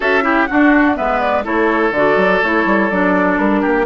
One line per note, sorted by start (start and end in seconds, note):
0.00 0.49 C#4
0.00 0.22 F#4
0.00 0.23 A4
0.00 0.46 E5
0.22 0.46 E4
0.22 0.48 G4
0.46 0.95 D4
0.46 0.99 D4
0.46 0.97 F#4
0.46 0.94 F#5
0.95 1.45 G#3
0.95 1.43 B3
0.95 1.44 B4
0.95 1.20 E5
1.20 1.44 D5
1.43 1.91 A3
1.43 1.92 E4
1.43 3.61 A4
1.43 1.94 C#5
1.91 2.15 D3
1.91 2.43 F#4
1.91 2.42 D5
2.16 2.40 F#3
2.42 2.65 A3
2.42 2.90 E4
2.42 2.90 C#5
2.65 2.89 G3
2.90 3.38 F#3
2.90 3.86 D4
2.90 3.38 D5
3.38 3.62 G3
3.38 3.86 A#4
3.61 3.86 A#3
3.61 3.85 G4